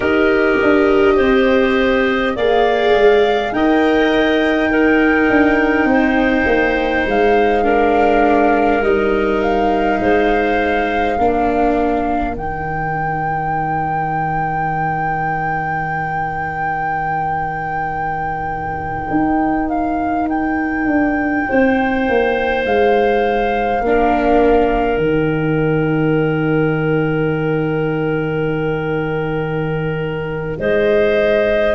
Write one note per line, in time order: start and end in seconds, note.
0.00 0.57 D#4
0.00 2.35 G4
0.00 1.14 A#4
0.00 2.37 D#5
0.62 1.18 D4
1.16 2.36 C4
1.16 2.34 C5
2.35 2.94 A#3
2.35 3.54 G#4
2.35 3.52 D5
2.35 3.53 F5
2.94 3.52 G#3
3.52 5.28 D#4
3.52 4.71 A#4
3.52 4.70 D#5
3.52 7.06 G5
4.70 7.63 D#4
4.70 5.88 A#4
5.29 5.84 D4
5.84 6.43 C4
5.90 7.64 C5
6.46 7.05 A#3
7.06 8.81 G#3
7.06 8.83 F5
7.63 8.81 D4
7.63 9.99 A#4
8.81 9.98 G3
8.81 11.18 D#4
8.81 9.41 D#5
9.41 12.35 F5
10.00 11.17 G#3
10.00 11.16 C5
11.16 12.35 A#3
11.16 12.34 D4
11.16 21.46 A#4
12.34 19.10 D#3
12.34 23.81 D#4
12.34 19.69 G5
19.10 20.85 D#4
19.69 20.28 F5
20.28 22.64 G5
20.85 21.44 D4
21.48 22.08 C4
21.48 23.83 C5
22.08 22.65 A#3
22.64 23.80 G#3
22.64 24.98 F5
23.80 24.97 A#3
23.80 25.00 D4
23.80 30.59 A#4
24.97 30.56 D#3
24.97 31.75 D#4
24.97 30.57 G5
30.59 31.75 G#3
30.59 31.75 C5
30.59 31.75 D#5